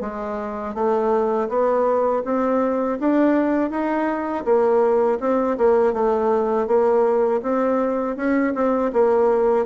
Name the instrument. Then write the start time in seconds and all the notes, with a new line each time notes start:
bassoon
0.00 G#3
0.74 A3
1.49 B3
2.25 C4
3.00 D4
3.70 D#4
4.45 A#3
5.20 C4
5.58 A#3
5.93 A3
6.67 A#3
7.42 C4
8.16 C#4
8.55 C4
8.93 A#3